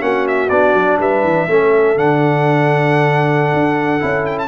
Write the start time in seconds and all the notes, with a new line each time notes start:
0.00 A#3 C#4 F#4 F#5
0.28 E5
0.50 B3 D4 D5
0.74 F#3
0.99 G3 B4 E5
1.23 E3
1.48 A3 C#4 A4
1.97 D3 D4 F#5
3.53 D4
4.00 C#4 E4
4.26 G5
4.39 A5